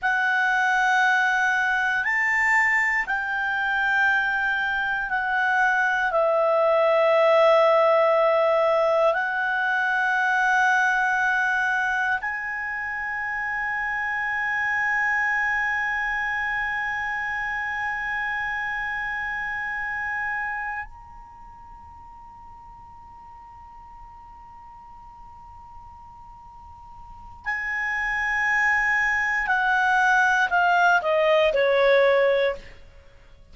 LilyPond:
\new Staff \with { instrumentName = "clarinet" } { \time 4/4 \tempo 4 = 59 fis''2 a''4 g''4~ | g''4 fis''4 e''2~ | e''4 fis''2. | gis''1~ |
gis''1~ | gis''8 ais''2.~ ais''8~ | ais''2. gis''4~ | gis''4 fis''4 f''8 dis''8 cis''4 | }